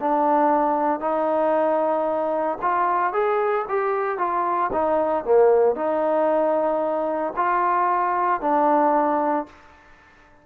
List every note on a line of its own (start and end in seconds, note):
0.00 1.00 D4
1.00 2.58 D#4
2.62 3.13 F4
3.13 3.66 G#4
3.69 4.18 G4
4.18 4.71 F4
4.73 5.25 D#4
5.25 5.76 A#3
5.76 7.34 D#4
7.37 8.41 F4
8.41 9.47 D4